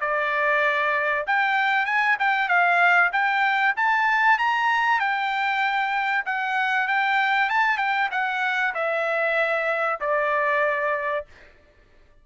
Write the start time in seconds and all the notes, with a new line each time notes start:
0.00 D5
1.26 G5
1.86 G#5
2.19 G5
2.48 F5
3.12 G5
3.76 A5
4.38 A#5
4.99 G5
6.26 F#5
6.88 G5
7.49 A5
7.78 G5
8.11 F#5
8.74 E5
10.00 D5